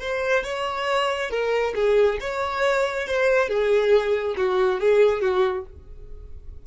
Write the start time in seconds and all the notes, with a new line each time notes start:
0.00 C5
0.44 C#5
1.30 A#4
1.75 G#4
2.20 C#5
3.07 C5
3.48 G#4
4.36 F#4
4.79 G#4
5.21 F#4